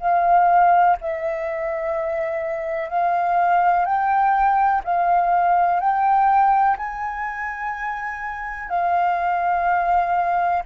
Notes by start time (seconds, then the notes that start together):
0.00 F5
1.01 E5
2.89 F5
3.85 G5
4.84 F5
5.80 G5
6.77 G#5
8.69 F5